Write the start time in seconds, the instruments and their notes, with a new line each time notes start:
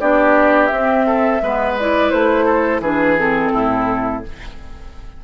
0.00 bassoon B3, clarinet D4, oboe G4, flute D5
0.67 bassoon C4, clarinet C4, flute E5
1.06 oboe A4
1.42 bassoon G#3, clarinet B3, oboe B4
1.79 clarinet E4, flute D5
2.10 bassoon A3, flute C5
2.45 oboe A4
2.80 bassoon E3, clarinet D4, oboe G#4, flute B4
3.17 clarinet C4, flute A4
3.52 bassoon A2, oboe E4